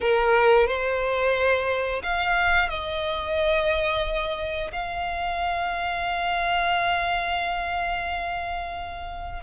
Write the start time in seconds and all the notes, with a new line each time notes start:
0.00 A#4
0.67 C5
2.02 F5
2.69 D#5
4.72 F5